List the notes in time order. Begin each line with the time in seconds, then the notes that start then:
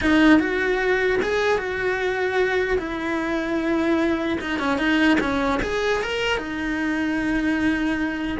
0.01 D#4
0.39 F#4
1.22 G#4
1.57 F#4
2.78 E4
4.41 D#4
4.59 C#4
4.77 D#4
5.20 C#4
5.62 G#4
6.02 A#4
6.37 D#4